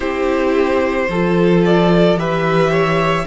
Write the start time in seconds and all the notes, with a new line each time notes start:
0.00 C4 E4 G4 C5
1.08 F3 F4 A4
1.65 D5
2.15 E3 G4 B4 E5
2.70 C#5